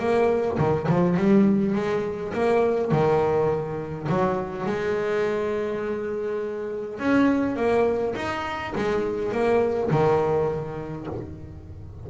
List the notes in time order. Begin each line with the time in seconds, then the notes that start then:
0.00 A#3
0.59 D#3
0.89 F3
1.18 G3
1.75 G#3
2.34 A#3
2.92 D#3
4.09 F#3
4.67 G#3
6.99 C#4
7.57 A#3
8.16 D#4
8.76 G#3
9.32 A#3
9.91 D#3